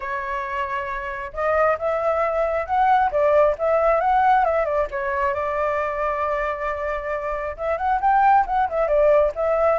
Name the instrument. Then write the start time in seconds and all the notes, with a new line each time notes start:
flute
0.00 C#5
1.33 D#5
1.78 E5
2.65 F#5
3.11 D5
3.58 E5
4.00 F#5
4.44 E5
4.65 D5
4.91 C#5
5.34 D5
7.56 E5
7.77 F#5
8.00 G5
8.46 F#5
8.69 E5
8.87 D5
9.35 E5